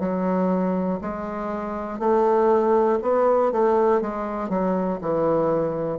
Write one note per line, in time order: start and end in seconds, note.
0.00 1.00 F#3
1.01 1.99 G#3
1.99 2.99 A3
3.02 3.52 B3
3.52 4.01 A3
4.01 4.50 G#3
4.50 5.00 F#3
5.01 5.99 E3